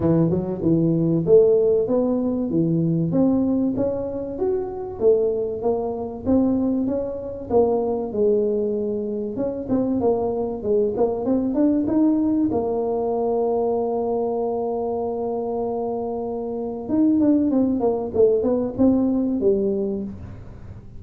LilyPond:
\new Staff \with { instrumentName = "tuba" } { \time 4/4 \tempo 4 = 96 e8 fis8 e4 a4 b4 | e4 c'4 cis'4 fis'4 | a4 ais4 c'4 cis'4 | ais4 gis2 cis'8 c'8 |
ais4 gis8 ais8 c'8 d'8 dis'4 | ais1~ | ais2. dis'8 d'8 | c'8 ais8 a8 b8 c'4 g4 | }